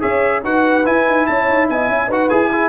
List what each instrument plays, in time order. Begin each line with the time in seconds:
0.00 tuba C#4, trombone G#4, horn C#5, trumpet E5
0.44 tuba D#4, trombone F#4, horn B4, trumpet F#5
0.85 trombone E4, tuba E4, trumpet G#5
1.07 tuba D#4
1.26 tuba C#4, horn C#5, trumpet A5
1.49 tuba D#4
1.69 tuba B3, horn D#5, trumpet G#5
1.89 tuba C#4, horn E5
2.08 tuba D#4, trombone F#4, horn B4, trumpet F#5
2.29 tuba E4, trombone G#4, trumpet G#5
2.52 trombone E4, horn G#4